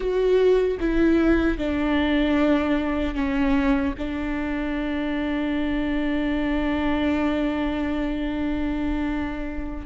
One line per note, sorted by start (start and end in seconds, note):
0.00 0.78 F#4
0.80 1.58 E4
1.58 3.14 D4
3.14 3.93 C#4
3.98 9.85 D4